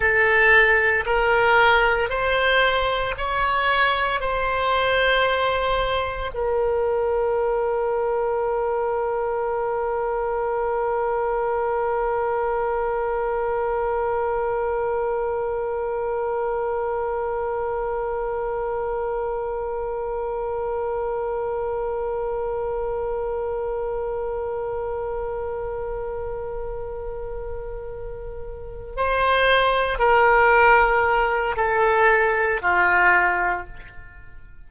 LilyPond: \new Staff \with { instrumentName = "oboe" } { \time 4/4 \tempo 4 = 57 a'4 ais'4 c''4 cis''4 | c''2 ais'2~ | ais'1~ | ais'1~ |
ais'1~ | ais'1~ | ais'2.~ ais'8 c''8~ | c''8 ais'4. a'4 f'4 | }